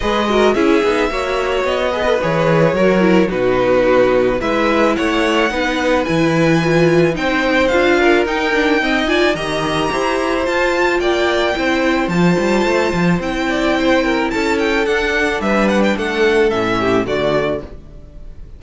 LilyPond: <<
  \new Staff \with { instrumentName = "violin" } { \time 4/4 \tempo 4 = 109 dis''4 e''2 dis''4 | cis''2 b'2 | e''4 fis''2 gis''4~ | gis''4 g''4 f''4 g''4~ |
g''8 gis''8 ais''2 a''4 | g''2 a''2 | g''2 a''8 g''8 fis''4 | e''8 fis''16 g''16 fis''4 e''4 d''4 | }
  \new Staff \with { instrumentName = "violin" } { \time 4/4 b'8 ais'8 gis'4 cis''4. b'8~ | b'4 ais'4 fis'2 | b'4 cis''4 b'2~ | b'4 c''4. ais'4. |
dis''8 d''8 dis''4 c''2 | d''4 c''2.~ | c''8 d''8 c''8 ais'8 a'2 | b'4 a'4. g'8 fis'4 | }
  \new Staff \with { instrumentName = "viola" } { \time 4/4 gis'8 fis'8 e'8 dis'8 fis'4. gis'16 a'16 | gis'4 fis'8 e'8 dis'2 | e'2 dis'4 e'4 | f'4 dis'4 f'4 dis'8 d'8 |
c'8 f'8 g'2 f'4~ | f'4 e'4 f'2 | e'2. d'4~ | d'2 cis'4 a4 | }
  \new Staff \with { instrumentName = "cello" } { \time 4/4 gis4 cis'8 b8 ais4 b4 | e4 fis4 b,2 | gis4 a4 b4 e4~ | e4 c'4 d'4 dis'4~ |
dis'4 dis4 e'4 f'4 | ais4 c'4 f8 g8 a8 f8 | c'2 cis'4 d'4 | g4 a4 a,4 d4 | }
>>